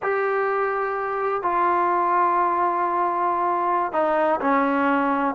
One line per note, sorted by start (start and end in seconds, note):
0.02 1.42 G4
1.42 3.92 F4
3.92 4.39 D#4
4.40 5.34 C#4